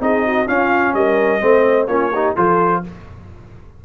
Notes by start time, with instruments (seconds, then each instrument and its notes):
0.00 tuba C4, trombone D#4, horn G#4, trumpet D#5
0.26 horn F#4
0.47 trombone C#4, tuba C#4, horn F4, trumpet F5
0.94 tuba G3, horn A#4, trumpet D#5
1.41 tuba A3, trombone C4, horn C5
1.87 tuba A#3, trombone C#4, horn F4, trumpet C#5
2.12 trombone D#4, horn G4
2.35 tuba F3, trombone F4, horn A4, trumpet C5